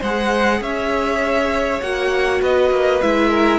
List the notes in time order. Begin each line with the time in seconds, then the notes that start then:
0.00 G#3 G#4 C5 F#5
0.60 C#4 C#5 E5
1.81 A#3 F#4 F#5
2.42 B3 B4 D#5
2.71 A#3
3.02 G#3 E4 E5
3.30 A#4